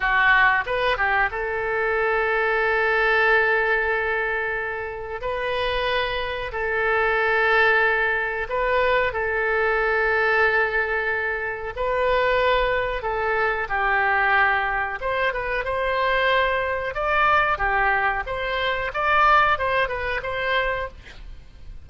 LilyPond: \new Staff \with { instrumentName = "oboe" } { \time 4/4 \tempo 4 = 92 fis'4 b'8 g'8 a'2~ | a'1 | b'2 a'2~ | a'4 b'4 a'2~ |
a'2 b'2 | a'4 g'2 c''8 b'8 | c''2 d''4 g'4 | c''4 d''4 c''8 b'8 c''4 | }